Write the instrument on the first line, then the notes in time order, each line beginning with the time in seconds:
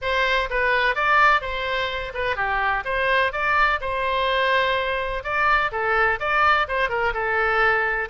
oboe
0.01 C5
0.50 B4
0.95 D5
1.41 C5
2.14 B4
2.35 G4
2.84 C5
3.32 D5
3.81 C5
5.23 D5
5.71 A4
6.19 D5
6.68 C5
6.89 A#4
7.13 A4